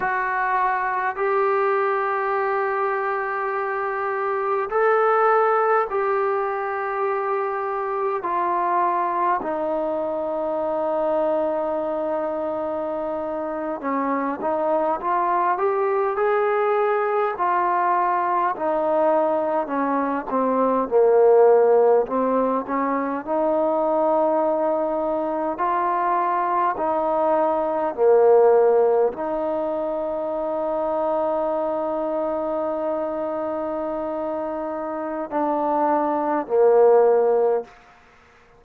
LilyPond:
\new Staff \with { instrumentName = "trombone" } { \time 4/4 \tempo 4 = 51 fis'4 g'2. | a'4 g'2 f'4 | dis'2.~ dis'8. cis'16~ | cis'16 dis'8 f'8 g'8 gis'4 f'4 dis'16~ |
dis'8. cis'8 c'8 ais4 c'8 cis'8 dis'16~ | dis'4.~ dis'16 f'4 dis'4 ais16~ | ais8. dis'2.~ dis'16~ | dis'2 d'4 ais4 | }